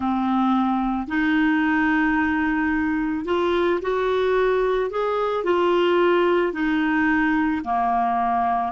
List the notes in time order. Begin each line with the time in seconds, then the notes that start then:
0.00 C4
1.07 D#4
3.25 F4
3.81 F#4
4.90 G#4
5.43 F4
6.53 D#4
7.64 A#3